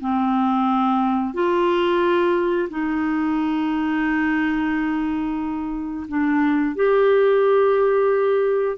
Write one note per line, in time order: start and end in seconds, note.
0.00 1.34 C4
1.34 2.68 F4
2.69 6.06 D#4
6.08 6.75 D4
6.75 8.77 G4